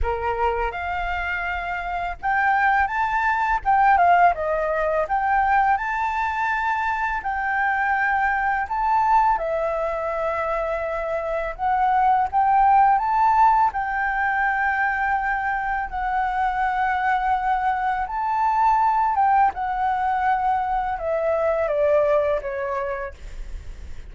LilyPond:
\new Staff \with { instrumentName = "flute" } { \time 4/4 \tempo 4 = 83 ais'4 f''2 g''4 | a''4 g''8 f''8 dis''4 g''4 | a''2 g''2 | a''4 e''2. |
fis''4 g''4 a''4 g''4~ | g''2 fis''2~ | fis''4 a''4. g''8 fis''4~ | fis''4 e''4 d''4 cis''4 | }